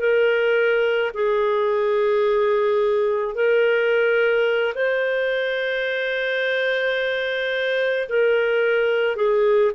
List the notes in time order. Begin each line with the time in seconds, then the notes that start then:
0.00 A#4
1.14 G#4
3.35 A#4
4.75 C5
8.09 A#4
9.16 G#4